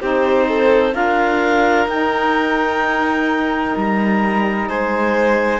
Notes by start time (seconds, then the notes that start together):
0.00 C4 D#4 G4 C5
0.48 A4
0.92 D4 F4 A#4 F5
1.86 D#4 G5
3.76 G3 A#5
4.68 G#3 C5 G#5